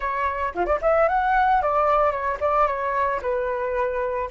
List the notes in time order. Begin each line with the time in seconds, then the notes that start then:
0.00 C#5
0.55 F4
0.65 D5
0.81 E5
1.08 F#5
1.62 D5
2.11 C#5
2.40 D5
2.66 C#5
3.21 B4